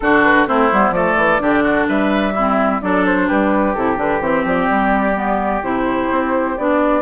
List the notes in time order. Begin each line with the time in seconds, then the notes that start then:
0.00 D3 D4 F#4 A4
0.22 B4
0.47 A3 C4 E4 C5
0.72 G3 B3
0.90 F3 A3 A4 D5
1.16 E3
1.39 D3 D4 G4
1.63 F#4
1.88 G3 B4 E5
2.33 C4 E4
2.81 F#3 D4 A4 D5
3.05 C5
3.27 G3 G4 B4
3.74 C3 E4 A4
3.96 D3 D4 B4
4.20 E3 C4 C5
4.44 F3 D5
4.70 G3
5.14 B3
5.62 C3 E4 C5
6.10 C4
6.57 B3 D4 D5